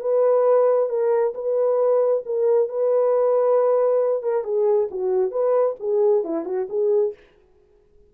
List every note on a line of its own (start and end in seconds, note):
0.00 0.89 B4
0.89 1.33 A#4
1.34 2.23 B4
2.25 2.68 A#4
2.68 4.23 B4
4.23 4.44 A#4
4.44 4.88 G#4
4.90 5.31 F#4
5.31 5.76 B4
5.79 6.24 G#4
6.24 6.45 E4
6.45 6.67 F#4
6.69 7.13 G#4